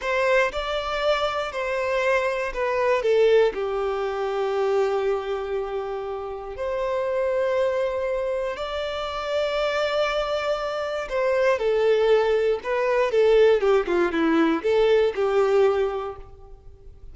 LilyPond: \new Staff \with { instrumentName = "violin" } { \time 4/4 \tempo 4 = 119 c''4 d''2 c''4~ | c''4 b'4 a'4 g'4~ | g'1~ | g'4 c''2.~ |
c''4 d''2.~ | d''2 c''4 a'4~ | a'4 b'4 a'4 g'8 f'8 | e'4 a'4 g'2 | }